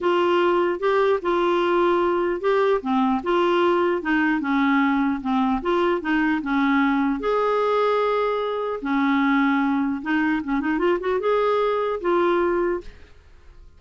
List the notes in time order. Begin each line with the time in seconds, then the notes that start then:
0.00 F4
0.79 G4
1.22 F4
2.41 G4
2.81 C4
3.23 F4
4.01 D#4
4.40 C#4
5.21 C4
5.62 F4
6.01 D#4
6.42 C#4
7.19 G#4
8.81 C#4
10.02 D#4
10.43 C#4
10.60 D#4
10.78 F4
11.00 F#4
11.19 G#4
12.00 F4